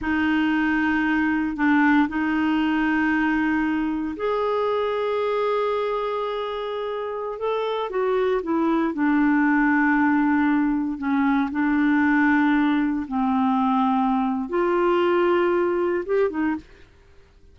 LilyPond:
\new Staff \with { instrumentName = "clarinet" } { \time 4/4 \tempo 4 = 116 dis'2. d'4 | dis'1 | gis'1~ | gis'2~ gis'16 a'4 fis'8.~ |
fis'16 e'4 d'2~ d'8.~ | d'4~ d'16 cis'4 d'4.~ d'16~ | d'4~ d'16 c'2~ c'8. | f'2. g'8 dis'8 | }